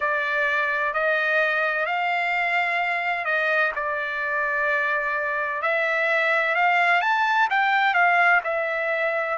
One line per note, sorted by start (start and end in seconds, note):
0.00 0.93 D5
0.93 1.86 D#5
1.86 3.24 F5
3.24 3.71 D#5
3.75 5.62 D5
5.62 6.55 E5
6.55 7.01 F5
7.01 7.48 A5
7.50 7.93 G5
7.93 8.40 F5
8.44 9.37 E5